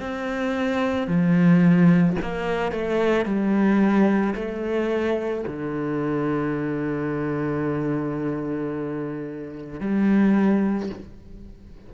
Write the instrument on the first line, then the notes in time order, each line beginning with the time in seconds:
cello
0.00 C4
1.08 F3
2.22 A#3
2.72 A3
3.25 G3
4.36 A3
5.47 D3
9.80 G3